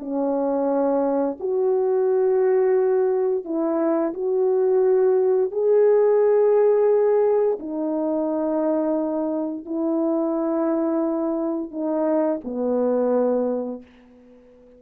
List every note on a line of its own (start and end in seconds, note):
0.00 1.38 C#4
1.40 3.45 F#4
3.45 4.14 E4
4.14 5.52 F#4
5.52 7.59 G#4
7.60 9.66 D#4
9.66 11.71 E4
11.71 12.40 D#4
12.45 13.82 B3